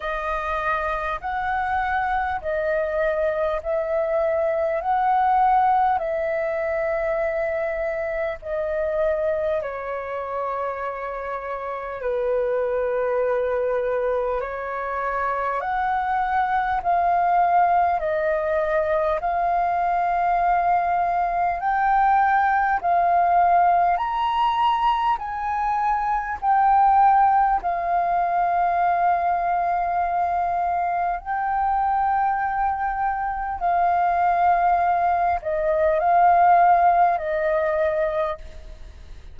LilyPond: \new Staff \with { instrumentName = "flute" } { \time 4/4 \tempo 4 = 50 dis''4 fis''4 dis''4 e''4 | fis''4 e''2 dis''4 | cis''2 b'2 | cis''4 fis''4 f''4 dis''4 |
f''2 g''4 f''4 | ais''4 gis''4 g''4 f''4~ | f''2 g''2 | f''4. dis''8 f''4 dis''4 | }